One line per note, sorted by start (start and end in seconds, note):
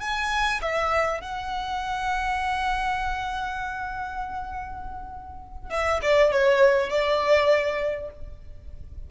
0.00 0.60 G#5
0.61 1.20 E5
1.20 5.70 F#5
5.70 6.00 E5
6.02 6.31 D5
6.31 6.89 C#5
6.89 8.09 D5